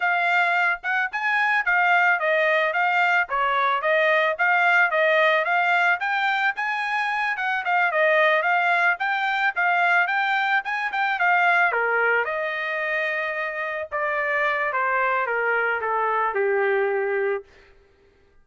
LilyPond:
\new Staff \with { instrumentName = "trumpet" } { \time 4/4 \tempo 4 = 110 f''4. fis''8 gis''4 f''4 | dis''4 f''4 cis''4 dis''4 | f''4 dis''4 f''4 g''4 | gis''4. fis''8 f''8 dis''4 f''8~ |
f''8 g''4 f''4 g''4 gis''8 | g''8 f''4 ais'4 dis''4.~ | dis''4. d''4. c''4 | ais'4 a'4 g'2 | }